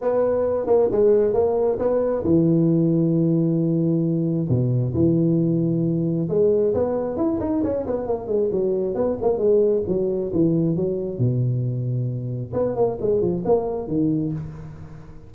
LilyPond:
\new Staff \with { instrumentName = "tuba" } { \time 4/4 \tempo 4 = 134 b4. ais8 gis4 ais4 | b4 e2.~ | e2 b,4 e4~ | e2 gis4 b4 |
e'8 dis'8 cis'8 b8 ais8 gis8 fis4 | b8 ais8 gis4 fis4 e4 | fis4 b,2. | b8 ais8 gis8 f8 ais4 dis4 | }